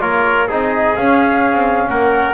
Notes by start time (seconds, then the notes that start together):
0.00 A#3 F4 A#4 C#5
0.48 C4 D#4 G#4 D#5
0.96 C#4 F5
1.53 C4
1.88 A#3 A#4 F#5